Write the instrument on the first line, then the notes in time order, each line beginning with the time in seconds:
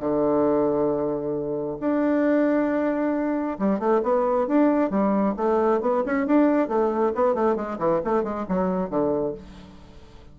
bassoon
0.00 D3
1.80 D4
3.59 G3
3.80 A3
4.03 B3
4.48 D4
4.90 G3
5.37 A3
5.82 B3
6.06 C#4
6.27 D4
6.69 A3
7.15 B3
7.35 A3
7.56 G#3
7.79 E3
8.05 A3
8.24 G#3
8.49 F#3
8.90 D3